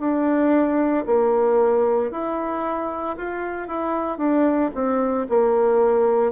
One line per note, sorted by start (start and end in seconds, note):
0.00 1.05 D4
1.07 2.11 A#3
2.11 3.17 E4
3.17 3.68 F4
3.68 4.18 E4
4.18 4.71 D4
4.75 5.27 C4
5.29 6.33 A#3